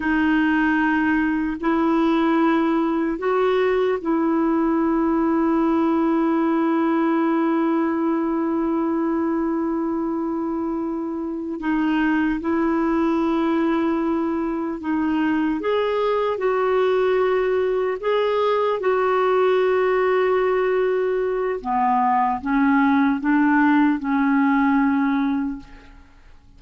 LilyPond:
\new Staff \with { instrumentName = "clarinet" } { \time 4/4 \tempo 4 = 75 dis'2 e'2 | fis'4 e'2.~ | e'1~ | e'2~ e'8 dis'4 e'8~ |
e'2~ e'8 dis'4 gis'8~ | gis'8 fis'2 gis'4 fis'8~ | fis'2. b4 | cis'4 d'4 cis'2 | }